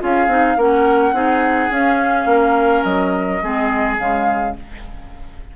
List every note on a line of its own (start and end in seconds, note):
0.00 0.28 C#4
0.00 0.28 F4
0.00 0.58 G#4
0.00 0.60 F5
0.28 0.56 C4
0.28 0.57 D#4
0.58 1.13 A#3
0.58 1.14 C#4
0.58 1.15 A#4
0.58 1.73 F#5
1.13 1.69 C4
1.13 1.71 D#4
1.13 2.28 G#4
1.71 2.26 C#4
1.71 3.41 C#4
1.71 2.84 F5
2.26 2.82 A#3
2.26 3.43 A#4
2.84 3.42 F#3
2.84 3.97 D#5
3.42 3.99 G#3
3.42 3.99 C4
3.42 4.56 G#4
3.99 4.56 C#3
3.99 4.56 G#3
3.99 4.56 F5